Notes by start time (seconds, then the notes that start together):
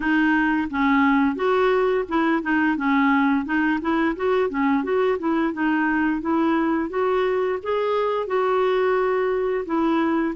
0.00 D#4
0.70 C#4
1.35 F#4
2.08 E4
2.42 D#4
2.76 C#4
3.45 D#4
3.81 E4
4.15 F#4
4.49 C#4
4.83 F#4
5.18 E4
5.53 D#4
6.21 E4
6.89 F#4
7.62 G#4
8.27 F#4
9.65 E4